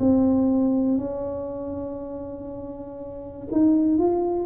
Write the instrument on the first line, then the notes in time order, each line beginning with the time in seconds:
tuba
0.00 C4
0.98 C#4
3.52 D#4
3.99 F4